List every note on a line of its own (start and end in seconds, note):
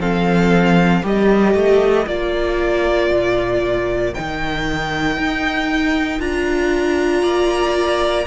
0.00 1.03 F3
0.00 1.03 C4
0.00 1.02 A4
0.00 1.05 F5
1.02 1.55 G3
1.02 2.07 G4
1.02 7.23 A#4
1.02 2.08 D#5
1.55 2.07 A3
2.07 3.11 A#3
2.07 4.14 F4
2.07 4.15 D5
3.11 4.14 A#2
4.15 5.18 D#3
4.15 6.20 D#4
4.15 6.21 G5
5.18 6.20 D#4
6.20 7.23 D4
6.20 8.27 F4
6.20 8.27 A#5
7.23 8.27 A#3
7.23 8.27 D5